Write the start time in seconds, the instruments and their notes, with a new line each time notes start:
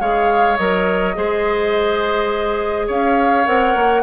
0.00 bassoon G#3, clarinet G#4, oboe C#5, flute F5
0.57 bassoon F#3, clarinet A#4, flute D#5
1.15 bassoon G#3, clarinet G#4, oboe C5
2.87 bassoon C#4, oboe C#5, flute F5
3.45 bassoon C4, clarinet A#4, flute F#5
3.75 bassoon A#3